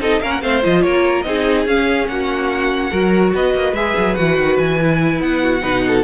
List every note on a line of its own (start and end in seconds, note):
0.00 0.21 C4
0.00 0.21 D#4
0.00 0.21 A4
0.00 0.22 D#5
0.21 0.42 A#3
0.21 0.42 C#4
0.21 0.42 A#4
0.21 0.31 F5
0.31 0.41 F#5
0.42 0.63 A3
0.42 0.61 C4
0.42 0.83 C5
0.42 0.63 F5
0.61 0.84 F3
0.61 1.24 F4
0.61 0.82 D#5
0.82 1.25 A#3
0.82 1.26 A#4
0.82 1.22 C#5
1.22 1.66 C4
1.22 1.67 D#4
1.22 2.11 G#4
1.22 1.63 D#5
1.66 2.07 C#4
1.66 2.91 C#4
1.66 2.07 F5
2.07 2.91 A#3
2.07 2.91 F#4
2.07 3.32 F#5
2.91 3.33 F#3
2.91 3.74 F#4
2.91 3.32 A#4
3.34 3.54 B3
3.34 5.42 B4
3.34 3.75 D#5
3.54 3.72 A#3
3.72 3.93 G#3
3.72 4.16 G#4
3.72 4.15 E5
3.98 4.18 F#3
4.15 4.37 E3
4.15 4.78 F#4
4.15 4.57 F#5
4.37 4.58 D#3
4.58 5.20 E3
4.58 5.21 G#5
4.81 5.61 E4
5.20 5.62 B3
5.20 6.03 F#5
5.42 5.62 F#4
5.61 6.03 B2
5.61 6.02 D#4
5.61 5.83 B4
5.87 6.03 A4